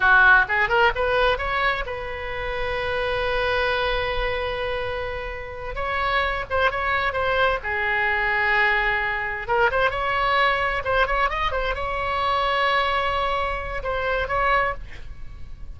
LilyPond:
\new Staff \with { instrumentName = "oboe" } { \time 4/4 \tempo 4 = 130 fis'4 gis'8 ais'8 b'4 cis''4 | b'1~ | b'1~ | b'8 cis''4. c''8 cis''4 c''8~ |
c''8 gis'2.~ gis'8~ | gis'8 ais'8 c''8 cis''2 c''8 | cis''8 dis''8 c''8 cis''2~ cis''8~ | cis''2 c''4 cis''4 | }